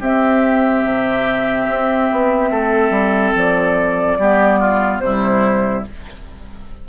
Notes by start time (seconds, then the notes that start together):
0.00 C4 G4 E5
0.84 C3
1.69 C4
2.12 B3
2.51 A3 A4
2.90 G3
3.36 F3 D5
4.19 G3 B3 G4
4.60 F4
5.00 C3 G3 E4 C5